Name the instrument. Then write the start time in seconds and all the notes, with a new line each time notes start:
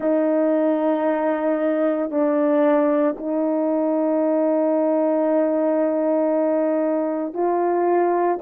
horn
0.00 D#4
2.11 D4
3.17 D#4
7.33 F4